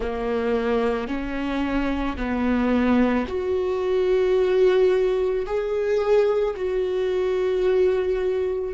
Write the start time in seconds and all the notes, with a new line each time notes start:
0.00 A#3
1.07 C#4
2.16 B3
3.27 F#4
5.45 G#4
6.56 F#4